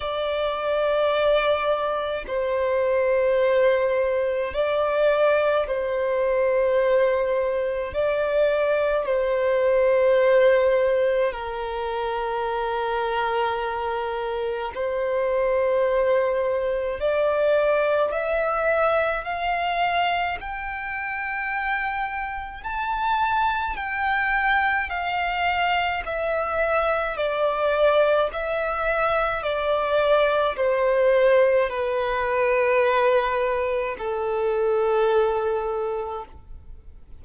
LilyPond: \new Staff \with { instrumentName = "violin" } { \time 4/4 \tempo 4 = 53 d''2 c''2 | d''4 c''2 d''4 | c''2 ais'2~ | ais'4 c''2 d''4 |
e''4 f''4 g''2 | a''4 g''4 f''4 e''4 | d''4 e''4 d''4 c''4 | b'2 a'2 | }